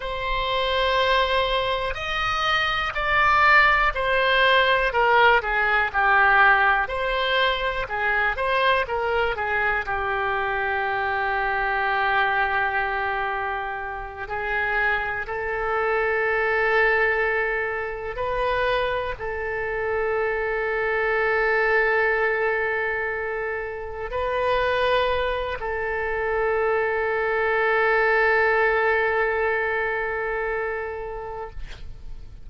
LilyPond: \new Staff \with { instrumentName = "oboe" } { \time 4/4 \tempo 4 = 61 c''2 dis''4 d''4 | c''4 ais'8 gis'8 g'4 c''4 | gis'8 c''8 ais'8 gis'8 g'2~ | g'2~ g'8 gis'4 a'8~ |
a'2~ a'8 b'4 a'8~ | a'1~ | a'8 b'4. a'2~ | a'1 | }